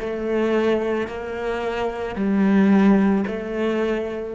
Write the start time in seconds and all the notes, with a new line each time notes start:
0.00 A3
1.07 A#3
2.15 G3
3.27 A3